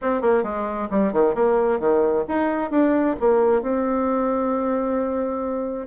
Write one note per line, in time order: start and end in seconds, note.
0.01 0.21 C4
0.21 0.43 A#3
0.43 0.88 G#3
0.90 1.12 G3
1.13 1.35 D#3
1.35 1.79 A#3
1.79 2.24 D#3
2.28 2.70 D#4
2.70 3.15 D4
3.20 3.62 A#3
3.62 5.86 C4